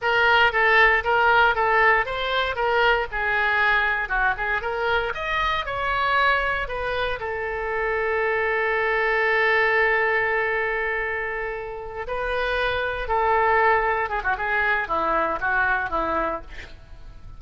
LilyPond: \new Staff \with { instrumentName = "oboe" } { \time 4/4 \tempo 4 = 117 ais'4 a'4 ais'4 a'4 | c''4 ais'4 gis'2 | fis'8 gis'8 ais'4 dis''4 cis''4~ | cis''4 b'4 a'2~ |
a'1~ | a'2.~ a'8 b'8~ | b'4. a'2 gis'16 fis'16 | gis'4 e'4 fis'4 e'4 | }